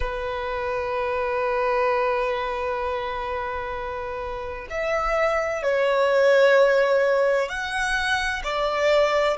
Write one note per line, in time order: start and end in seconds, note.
0.00 4.67 B4
4.70 5.62 E5
5.62 7.48 C#5
7.48 8.42 F#5
8.43 9.37 D5